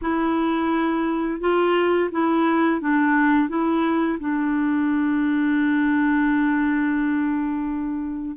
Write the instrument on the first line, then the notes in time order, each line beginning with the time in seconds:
clarinet
0.01 E4
1.40 F4
2.11 E4
2.80 D4
3.49 E4
4.19 D4